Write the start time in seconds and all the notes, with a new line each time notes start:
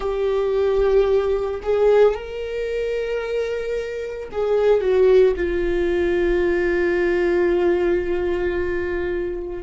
0.00 G4
1.62 G#4
2.14 A#4
4.31 G#4
4.81 F#4
5.36 F4